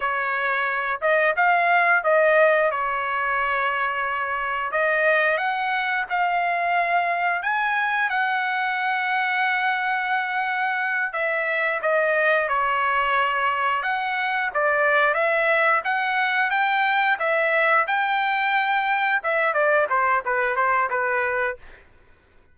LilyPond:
\new Staff \with { instrumentName = "trumpet" } { \time 4/4 \tempo 4 = 89 cis''4. dis''8 f''4 dis''4 | cis''2. dis''4 | fis''4 f''2 gis''4 | fis''1~ |
fis''8 e''4 dis''4 cis''4.~ | cis''8 fis''4 d''4 e''4 fis''8~ | fis''8 g''4 e''4 g''4.~ | g''8 e''8 d''8 c''8 b'8 c''8 b'4 | }